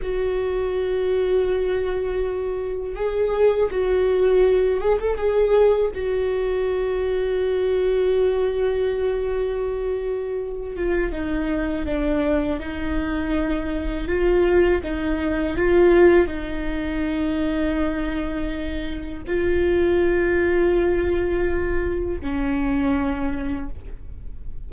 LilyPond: \new Staff \with { instrumentName = "viola" } { \time 4/4 \tempo 4 = 81 fis'1 | gis'4 fis'4. gis'16 a'16 gis'4 | fis'1~ | fis'2~ fis'8 f'8 dis'4 |
d'4 dis'2 f'4 | dis'4 f'4 dis'2~ | dis'2 f'2~ | f'2 cis'2 | }